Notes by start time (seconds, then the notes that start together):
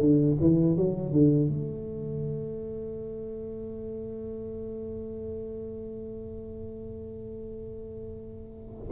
0.00 D3
0.40 E3
0.76 F#3
1.12 D3
1.48 A3